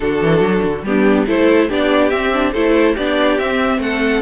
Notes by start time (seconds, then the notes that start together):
0.00 D3 D4 F#4 A4
0.22 E3
0.40 F#3
0.63 D3
0.82 G3 B3 D4 G4
1.26 A3 E4 A4 C5
1.68 B3 D4 G4 D5
2.09 C4 E5
2.33 D4
2.52 A3 E4 A4 C5
2.94 B3 D4 G4 D5
3.38 C4 E5
3.78 A3 A4 F#5